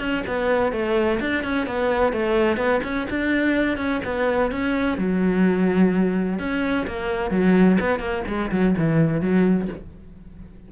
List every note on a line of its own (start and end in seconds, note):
0.00 0.24 C#4
0.27 0.73 B3
0.73 1.20 A3
1.21 1.44 D4
1.44 1.67 C#4
1.67 2.13 B3
2.13 2.57 A3
2.57 2.81 B3
2.84 3.08 C#4
3.10 3.78 D4
3.78 4.01 C#4
4.05 4.52 B3
4.52 4.98 C#4
4.98 6.39 F#3
6.39 6.87 C#4
6.87 7.31 A#3
7.31 7.78 F#3
7.81 8.00 B3
8.00 8.24 A#3
8.28 8.51 G#3
8.52 8.76 F#3
8.78 9.21 E3
9.21 9.69 F#3